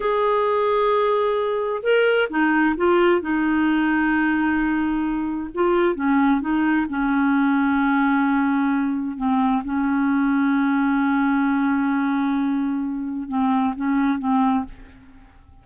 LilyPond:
\new Staff \with { instrumentName = "clarinet" } { \time 4/4 \tempo 4 = 131 gis'1 | ais'4 dis'4 f'4 dis'4~ | dis'1 | f'4 cis'4 dis'4 cis'4~ |
cis'1 | c'4 cis'2.~ | cis'1~ | cis'4 c'4 cis'4 c'4 | }